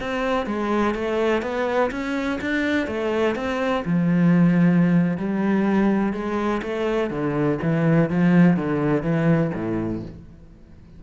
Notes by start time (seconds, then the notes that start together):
0.00 C4
0.46 G#3
0.94 A3
1.42 B3
1.91 C#4
2.41 D4
2.87 A3
3.35 C4
3.84 F3
5.17 G3
6.13 G#3
6.62 A3
7.10 D3
7.62 E3
8.09 F3
8.56 D3
9.02 E3
9.54 A2